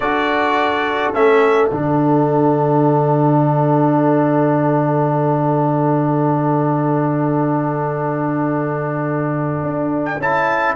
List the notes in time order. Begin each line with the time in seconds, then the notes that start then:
0.00 D4 F#4 A4 D5
1.13 A3 C#4 E5
1.69 D3 D4 F#5
9.62 D4
10.05 G5
10.17 C#4 E4 A5